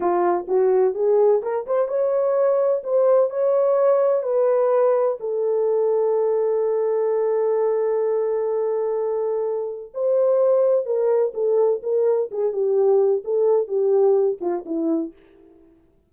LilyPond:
\new Staff \with { instrumentName = "horn" } { \time 4/4 \tempo 4 = 127 f'4 fis'4 gis'4 ais'8 c''8 | cis''2 c''4 cis''4~ | cis''4 b'2 a'4~ | a'1~ |
a'1~ | a'4 c''2 ais'4 | a'4 ais'4 gis'8 g'4. | a'4 g'4. f'8 e'4 | }